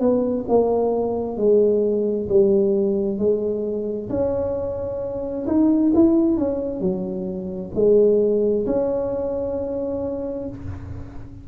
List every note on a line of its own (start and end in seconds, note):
0.00 0.45 B3
0.48 1.37 A#3
1.37 2.28 G#3
2.29 3.18 G3
3.18 4.09 G#3
4.10 5.46 C#4
5.47 5.92 D#4
5.95 6.38 E4
6.38 6.80 C#4
6.80 7.71 F#3
7.75 8.66 G#3
8.67 10.48 C#4